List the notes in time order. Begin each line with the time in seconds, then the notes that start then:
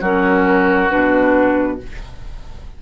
0.00 F#3 C#4 F#4 A#4
0.90 B2 D4 B4